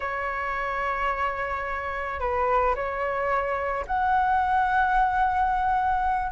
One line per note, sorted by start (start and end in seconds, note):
0.00 2.19 C#5
2.19 2.74 B4
2.75 3.85 C#5
3.87 6.32 F#5